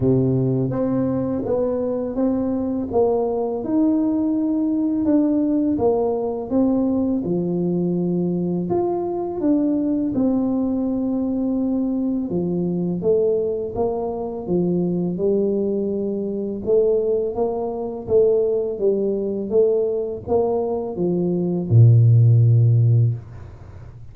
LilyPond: \new Staff \with { instrumentName = "tuba" } { \time 4/4 \tempo 4 = 83 c4 c'4 b4 c'4 | ais4 dis'2 d'4 | ais4 c'4 f2 | f'4 d'4 c'2~ |
c'4 f4 a4 ais4 | f4 g2 a4 | ais4 a4 g4 a4 | ais4 f4 ais,2 | }